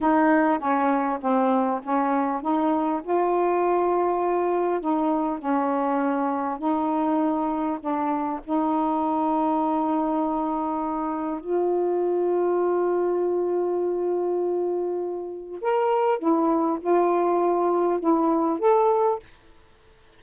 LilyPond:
\new Staff \with { instrumentName = "saxophone" } { \time 4/4 \tempo 4 = 100 dis'4 cis'4 c'4 cis'4 | dis'4 f'2. | dis'4 cis'2 dis'4~ | dis'4 d'4 dis'2~ |
dis'2. f'4~ | f'1~ | f'2 ais'4 e'4 | f'2 e'4 a'4 | }